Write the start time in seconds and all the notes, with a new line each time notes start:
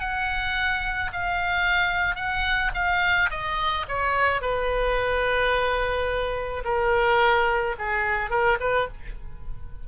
0.00 F#5
1.13 F5
2.15 F#5
2.74 F5
3.30 D#5
3.88 C#5
4.41 B4
6.65 A#4
7.78 G#4
8.30 A#4
8.60 B4